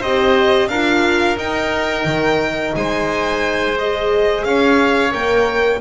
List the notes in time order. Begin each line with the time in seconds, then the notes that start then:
0.00 C4 G4 C5 D#5
0.68 D4 F4 A#4 F5
1.37 D#4 G5
2.05 D#3
2.75 G#3 C5 G#5
3.78 G#4 D#5
4.44 C#4 C#5 F5
5.11 A#3 A#4 G5